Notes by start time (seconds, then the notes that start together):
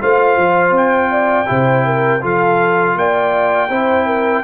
0.00 A3 F4 C5 F5
0.37 F3
0.71 C4
0.77 G5
1.11 D5
1.46 C3 E4 C5
1.85 A#4
2.21 F3 F4 A4 F5
2.95 A#3 D5 G5
3.69 C4 E4 C5
4.05 A#4